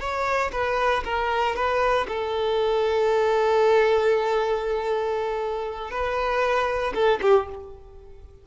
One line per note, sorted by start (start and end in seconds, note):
0.00 0.51 C#5
0.52 1.03 B4
1.04 1.56 A#4
1.56 2.07 B4
2.08 5.91 A4
5.91 6.93 B4
6.94 7.20 A4
7.21 7.47 G4